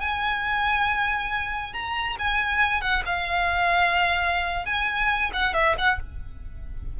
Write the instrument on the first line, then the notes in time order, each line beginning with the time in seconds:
violin
0.00 G#5
1.73 A#5
2.19 G#5
2.81 F#5
3.06 F5
4.66 G#5
5.34 F#5
5.54 E5
5.78 F#5